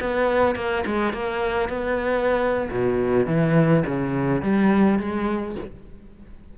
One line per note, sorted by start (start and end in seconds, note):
0.00 0.55 B3
0.55 0.84 A#3
0.86 1.13 G#3
1.13 1.69 A#3
1.69 2.69 B3
2.70 3.26 B2
3.26 3.83 E3
3.86 4.42 C#3
4.42 4.99 G3
4.99 5.56 G#3